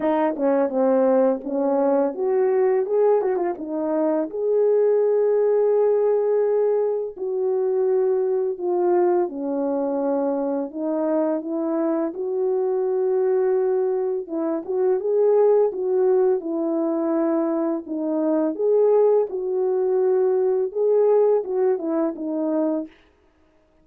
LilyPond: \new Staff \with { instrumentName = "horn" } { \time 4/4 \tempo 4 = 84 dis'8 cis'8 c'4 cis'4 fis'4 | gis'8 fis'16 f'16 dis'4 gis'2~ | gis'2 fis'2 | f'4 cis'2 dis'4 |
e'4 fis'2. | e'8 fis'8 gis'4 fis'4 e'4~ | e'4 dis'4 gis'4 fis'4~ | fis'4 gis'4 fis'8 e'8 dis'4 | }